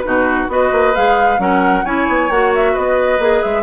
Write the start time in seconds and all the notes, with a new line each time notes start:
0.00 B2 D#4 F#4 B4
0.48 B3 F#4 B4 D#5
0.72 A#3
0.95 G#3 G#4 F5
1.38 F#3 C#4 A#4 F#5
1.84 C#4 E4 C#5 G#5
2.07 B3
2.30 A#3 F#4 F#5
2.55 E5
2.72 B3 B4 D#5
3.19 A#3 G#4
3.42 G#3 E5